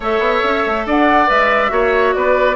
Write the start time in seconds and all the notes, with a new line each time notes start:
0.00 A3 A4 C#5 E5
0.19 B3
0.43 C#4
0.66 A3
0.86 D4 D5 F#5
1.27 G#3 B4 E5
1.69 A#3 F#4 C#5
2.13 B3 B4 D5